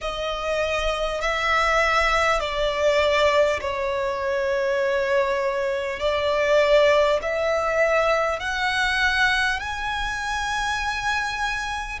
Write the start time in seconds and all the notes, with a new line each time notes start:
0.01 D#5
1.21 E5
2.40 D5
3.60 C#5
5.99 D5
7.22 E5
8.39 F#5
9.59 G#5